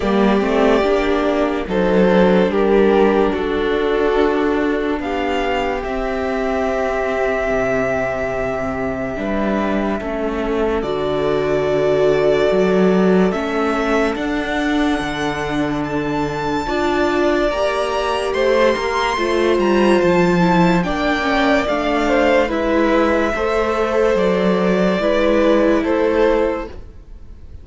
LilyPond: <<
  \new Staff \with { instrumentName = "violin" } { \time 4/4 \tempo 4 = 72 d''2 c''4 ais'4 | a'2 f''4 e''4~ | e''1~ | e''4 d''2. |
e''4 fis''2 a''4~ | a''4 ais''4 c'''4. ais''8 | a''4 g''4 f''4 e''4~ | e''4 d''2 c''4 | }
  \new Staff \with { instrumentName = "violin" } { \time 4/4 g'2 a'4 g'4 | fis'2 g'2~ | g'2. b'4 | a'1~ |
a'1 | d''2 c''8 ais'8 c''4~ | c''4 d''4. c''8 b'4 | c''2 b'4 a'4 | }
  \new Staff \with { instrumentName = "viola" } { \time 4/4 ais8 c'8 d'4 dis'8 d'4.~ | d'2. c'4~ | c'2. d'4 | cis'4 fis'2. |
cis'4 d'2. | f'4 g'2 f'4~ | f'8 e'8 d'8 cis'8 d'4 e'4 | a'2 e'2 | }
  \new Staff \with { instrumentName = "cello" } { \time 4/4 g8 a8 ais4 fis4 g4 | d'2 b4 c'4~ | c'4 c2 g4 | a4 d2 fis4 |
a4 d'4 d2 | d'4 ais4 a8 ais8 a8 g8 | f4 ais4 a4 gis4 | a4 fis4 gis4 a4 | }
>>